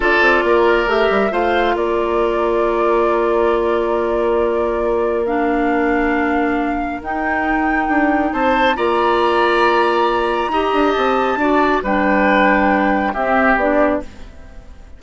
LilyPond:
<<
  \new Staff \with { instrumentName = "flute" } { \time 4/4 \tempo 4 = 137 d''2 e''4 f''4 | d''1~ | d''1 | f''1 |
g''2. a''4 | ais''1~ | ais''4 a''2 g''4~ | g''2 e''4 d''4 | }
  \new Staff \with { instrumentName = "oboe" } { \time 4/4 a'4 ais'2 c''4 | ais'1~ | ais'1~ | ais'1~ |
ais'2. c''4 | d''1 | dis''2 d''4 b'4~ | b'2 g'2 | }
  \new Staff \with { instrumentName = "clarinet" } { \time 4/4 f'2 g'4 f'4~ | f'1~ | f'1 | d'1 |
dis'1 | f'1 | g'2 fis'4 d'4~ | d'2 c'4 d'4 | }
  \new Staff \with { instrumentName = "bassoon" } { \time 4/4 d'8 c'8 ais4 a8 g8 a4 | ais1~ | ais1~ | ais1 |
dis'2 d'4 c'4 | ais1 | dis'8 d'8 c'4 d'4 g4~ | g2 c'4 b4 | }
>>